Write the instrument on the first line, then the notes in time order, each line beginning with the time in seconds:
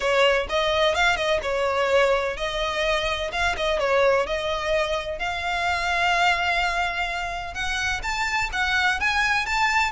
violin
0.00 C#5
0.49 D#5
0.94 F5
1.16 D#5
1.42 C#5
2.36 D#5
3.32 F5
3.56 D#5
3.79 C#5
4.26 D#5
5.18 F5
7.54 F#5
8.02 A5
8.52 F#5
9.00 G#5
9.46 A5